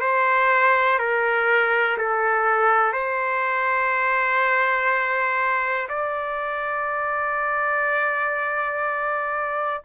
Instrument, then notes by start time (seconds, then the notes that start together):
trumpet
0.00 C5
0.98 A#4
1.97 A4
2.92 C5
5.88 D5